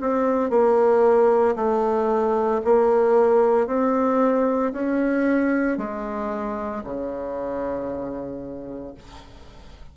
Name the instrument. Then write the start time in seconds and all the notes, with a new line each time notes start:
bassoon
0.00 C4
0.50 A#3
1.56 A3
2.65 A#3
3.67 C4
4.73 C#4
5.78 G#3
6.84 C#3